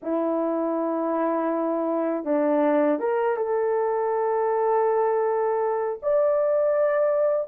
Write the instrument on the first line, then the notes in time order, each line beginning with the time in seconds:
horn
0.02 E4
2.24 D4
2.99 A#4
3.36 A4
6.02 D5